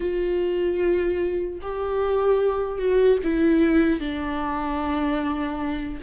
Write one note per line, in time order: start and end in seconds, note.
0.00 1.59 F4
1.61 2.78 G4
2.78 3.18 F#4
3.23 4.00 E4
4.00 6.00 D4